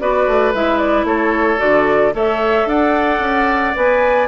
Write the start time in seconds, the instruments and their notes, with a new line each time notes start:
0.00 bassoon B3, clarinet F#4, oboe B4, flute D5
0.27 bassoon A3
0.54 bassoon G#3, clarinet E4, flute E5
0.78 flute D5
1.03 bassoon A3, oboe A4, flute C#5
1.57 bassoon D3, clarinet F#4, flute D5
2.12 bassoon A3, clarinet A4, oboe C#5, flute E5
2.65 bassoon D4, oboe D5, flute F#5
3.19 bassoon C#4
3.75 bassoon B3, clarinet B4, flute G#5